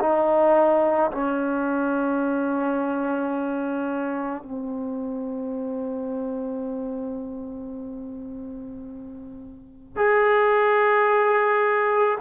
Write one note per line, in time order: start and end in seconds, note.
0.00 1.11 D#4
1.11 4.43 C#4
4.43 9.96 C4
9.96 12.19 G#4